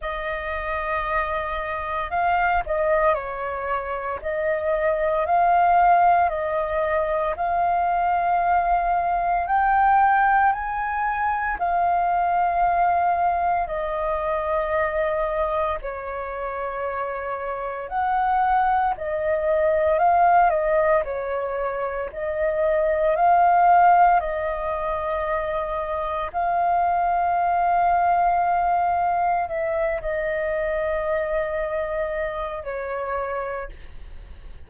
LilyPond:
\new Staff \with { instrumentName = "flute" } { \time 4/4 \tempo 4 = 57 dis''2 f''8 dis''8 cis''4 | dis''4 f''4 dis''4 f''4~ | f''4 g''4 gis''4 f''4~ | f''4 dis''2 cis''4~ |
cis''4 fis''4 dis''4 f''8 dis''8 | cis''4 dis''4 f''4 dis''4~ | dis''4 f''2. | e''8 dis''2~ dis''8 cis''4 | }